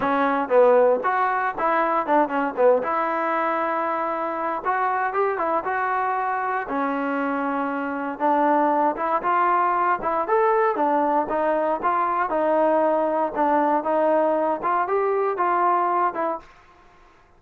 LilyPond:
\new Staff \with { instrumentName = "trombone" } { \time 4/4 \tempo 4 = 117 cis'4 b4 fis'4 e'4 | d'8 cis'8 b8 e'2~ e'8~ | e'4 fis'4 g'8 e'8 fis'4~ | fis'4 cis'2. |
d'4. e'8 f'4. e'8 | a'4 d'4 dis'4 f'4 | dis'2 d'4 dis'4~ | dis'8 f'8 g'4 f'4. e'8 | }